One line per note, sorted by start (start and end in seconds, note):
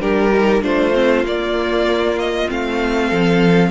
0.00 0.62 G3
0.00 0.31 D4
0.00 0.64 G4
0.00 0.63 A#4
0.33 0.62 D#4
0.62 1.24 A3
0.62 0.93 D4
0.62 3.07 F4
0.62 1.26 C5
0.94 1.25 C4
1.24 2.48 A#3
1.24 2.19 D5
2.19 2.50 D#5
2.48 3.12 A3
2.48 3.71 C4
2.48 3.71 F5
3.07 3.71 F3
3.07 3.69 A4